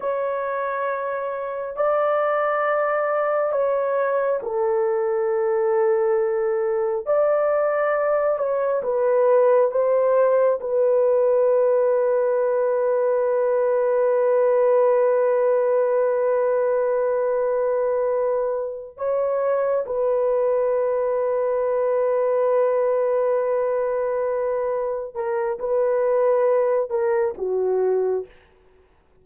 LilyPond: \new Staff \with { instrumentName = "horn" } { \time 4/4 \tempo 4 = 68 cis''2 d''2 | cis''4 a'2. | d''4. cis''8 b'4 c''4 | b'1~ |
b'1~ | b'4. cis''4 b'4.~ | b'1~ | b'8 ais'8 b'4. ais'8 fis'4 | }